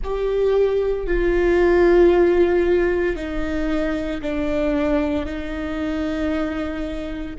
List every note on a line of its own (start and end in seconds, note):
0.03 1.07 G4
1.07 3.16 F4
3.16 4.21 D#4
4.21 5.25 D4
5.25 7.36 D#4